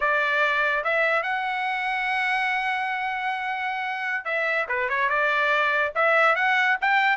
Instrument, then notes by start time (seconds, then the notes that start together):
trumpet
0.00 D5
0.83 E5
1.23 F#5
4.25 E5
4.68 B4
4.89 C#5
5.09 D5
5.95 E5
6.35 F#5
6.81 G5